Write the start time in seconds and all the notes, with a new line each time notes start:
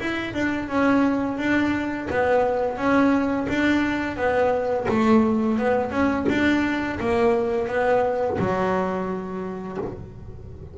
0.00 E4
0.34 D4
0.68 C#4
1.38 D4
2.10 B3
2.77 C#4
3.49 D4
4.16 B3
4.88 A3
5.58 B3
5.91 C#4
6.29 D4
7.00 A#3
7.68 B3
8.38 F#3